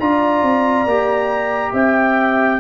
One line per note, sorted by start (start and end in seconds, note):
0.00 0.43 D4
0.00 0.88 F4
0.00 1.73 D5
0.00 1.74 A#5
0.43 0.86 C4
0.86 1.73 A#3
0.86 2.60 G4
1.73 2.60 C4
1.73 2.60 E5
1.73 2.60 G5